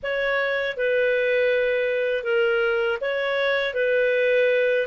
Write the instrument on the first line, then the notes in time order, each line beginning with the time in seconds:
clarinet
0.02 C#5
0.76 B4
2.23 A#4
3.00 C#5
3.74 B4